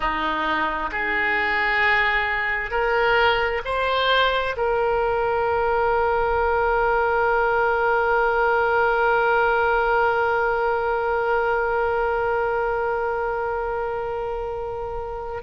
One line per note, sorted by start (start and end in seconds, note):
0.00 0.90 D#4
0.91 2.70 G#4
2.70 3.61 A#4
3.64 4.55 C5
4.56 15.42 A#4